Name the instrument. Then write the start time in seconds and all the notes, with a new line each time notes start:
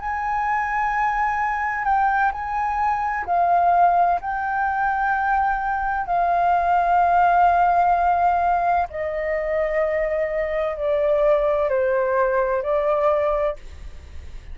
flute
0.00 G#5
1.85 G5
2.32 G#5
3.26 F5
4.21 G5
6.06 F5
8.90 D#5
10.77 D5
11.69 C5
12.63 D5